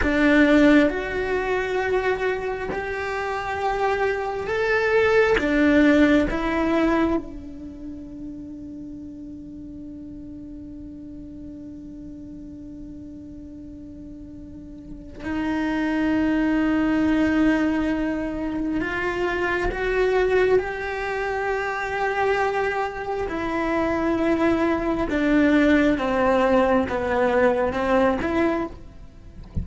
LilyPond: \new Staff \with { instrumentName = "cello" } { \time 4/4 \tempo 4 = 67 d'4 fis'2 g'4~ | g'4 a'4 d'4 e'4 | d'1~ | d'1~ |
d'4 dis'2.~ | dis'4 f'4 fis'4 g'4~ | g'2 e'2 | d'4 c'4 b4 c'8 e'8 | }